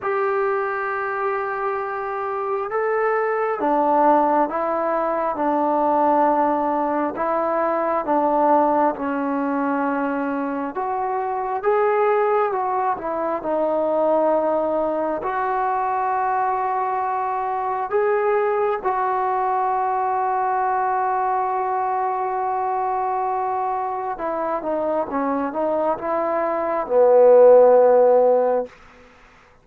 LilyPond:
\new Staff \with { instrumentName = "trombone" } { \time 4/4 \tempo 4 = 67 g'2. a'4 | d'4 e'4 d'2 | e'4 d'4 cis'2 | fis'4 gis'4 fis'8 e'8 dis'4~ |
dis'4 fis'2. | gis'4 fis'2.~ | fis'2. e'8 dis'8 | cis'8 dis'8 e'4 b2 | }